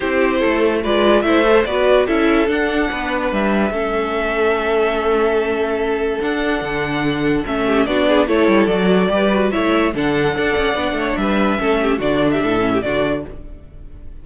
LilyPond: <<
  \new Staff \with { instrumentName = "violin" } { \time 4/4 \tempo 4 = 145 c''2 d''4 e''4 | d''4 e''4 fis''2 | e''1~ | e''2. fis''4~ |
fis''2 e''4 d''4 | cis''4 d''2 e''4 | fis''2. e''4~ | e''4 d''8. e''4~ e''16 d''4 | }
  \new Staff \with { instrumentName = "violin" } { \time 4/4 g'4 a'4 b'4 c''4 | b'4 a'2 b'4~ | b'4 a'2.~ | a'1~ |
a'2~ a'8 g'8 fis'8 gis'8 | a'2 b'4 cis''4 | a'4 d''4. cis''8 b'4 | a'8 g'8 fis'8. g'16 a'8. g'16 fis'4 | }
  \new Staff \with { instrumentName = "viola" } { \time 4/4 e'2 f'4 e'8 a'8 | fis'4 e'4 d'2~ | d'4 cis'2.~ | cis'2. d'4~ |
d'2 cis'4 d'4 | e'4 fis'4 g'8 fis'8 e'4 | d'4 a'4 d'2 | cis'4 d'4. cis'8 d'4 | }
  \new Staff \with { instrumentName = "cello" } { \time 4/4 c'4 a4 gis4 a4 | b4 cis'4 d'4 b4 | g4 a2.~ | a2. d'4 |
d2 a4 b4 | a8 g8 fis4 g4 a4 | d4 d'8 cis'8 b8 a8 g4 | a4 d4 a,4 d4 | }
>>